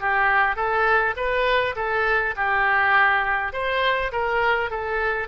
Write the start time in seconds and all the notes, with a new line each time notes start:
0.00 G4
0.56 A4
1.17 B4
1.76 A4
2.36 G4
3.53 C5
4.12 A#4
4.71 A4